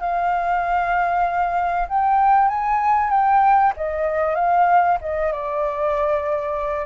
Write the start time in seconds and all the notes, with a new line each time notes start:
0.00 F5
1.88 G5
2.48 G#5
3.11 G5
3.77 D#5
4.35 F5
5.01 D#5
5.32 D5